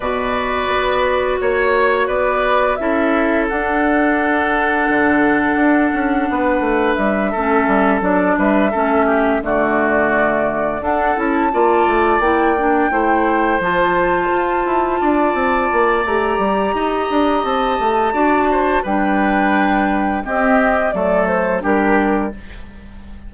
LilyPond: <<
  \new Staff \with { instrumentName = "flute" } { \time 4/4 \tempo 4 = 86 d''2 cis''4 d''4 | e''4 fis''2.~ | fis''2 e''4. d''8 | e''4. d''2 fis''8 |
a''4. g''2 a''8~ | a''2. ais''4~ | ais''4 a''2 g''4~ | g''4 dis''4 d''8 c''8 ais'4 | }
  \new Staff \with { instrumentName = "oboe" } { \time 4/4 b'2 cis''4 b'4 | a'1~ | a'4 b'4. a'4. | b'8 a'8 g'8 fis'2 a'8~ |
a'8 d''2 c''4.~ | c''4. d''2~ d''8 | dis''2 d''8 c''8 b'4~ | b'4 g'4 a'4 g'4 | }
  \new Staff \with { instrumentName = "clarinet" } { \time 4/4 fis'1 | e'4 d'2.~ | d'2~ d'8 cis'4 d'8~ | d'8 cis'4 a2 d'8 |
e'8 f'4 e'8 d'8 e'4 f'8~ | f'2. g'4~ | g'2 fis'4 d'4~ | d'4 c'4 a4 d'4 | }
  \new Staff \with { instrumentName = "bassoon" } { \time 4/4 b,4 b4 ais4 b4 | cis'4 d'2 d4 | d'8 cis'8 b8 a8 g8 a8 g8 fis8 | g8 a4 d2 d'8 |
cis'8 ais8 a8 ais4 a4 f8~ | f8 f'8 e'8 d'8 c'8 ais8 a8 g8 | dis'8 d'8 c'8 a8 d'4 g4~ | g4 c'4 fis4 g4 | }
>>